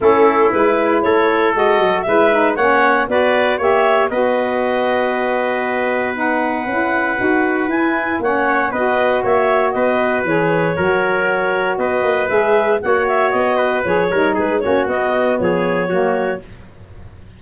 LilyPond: <<
  \new Staff \with { instrumentName = "clarinet" } { \time 4/4 \tempo 4 = 117 a'4 b'4 cis''4 dis''4 | e''4 fis''4 d''4 e''4 | dis''1 | fis''2. gis''4 |
fis''4 dis''4 e''4 dis''4 | cis''2. dis''4 | e''4 fis''8 e''8 dis''4 cis''4 | b'8 cis''8 dis''4 cis''2 | }
  \new Staff \with { instrumentName = "trumpet" } { \time 4/4 e'2 a'2 | b'4 cis''4 b'4 cis''4 | b'1~ | b'1 |
cis''4 b'4 cis''4 b'4~ | b'4 ais'2 b'4~ | b'4 cis''4. b'4 ais'8 | gis'8 fis'4. gis'4 fis'4 | }
  \new Staff \with { instrumentName = "saxophone" } { \time 4/4 cis'4 e'2 fis'4 | e'8 dis'8 cis'4 fis'4 g'4 | fis'1 | dis'4 e'4 fis'4 e'4 |
cis'4 fis'2. | gis'4 fis'2. | gis'4 fis'2 gis'8 dis'8~ | dis'8 cis'8 b2 ais4 | }
  \new Staff \with { instrumentName = "tuba" } { \time 4/4 a4 gis4 a4 gis8 fis8 | gis4 ais4 b4 ais4 | b1~ | b4 cis'4 dis'4 e'4 |
ais4 b4 ais4 b4 | e4 fis2 b8 ais8 | gis4 ais4 b4 f8 g8 | gis8 ais8 b4 f4 fis4 | }
>>